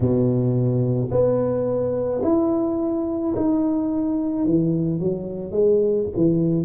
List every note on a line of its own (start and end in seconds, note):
0.00 1.10 B2
1.11 2.22 B3
2.23 3.34 E4
3.35 4.45 D#4
4.45 4.99 E3
4.99 5.51 F#3
5.51 6.07 G#3
6.16 6.65 E3